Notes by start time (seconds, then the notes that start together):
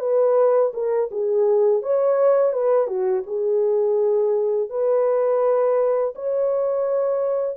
0.00 B4
0.74 A#4
1.11 G#4
1.82 C#5
2.53 B4
2.88 F#4
3.27 G#4
4.70 B4
6.15 C#5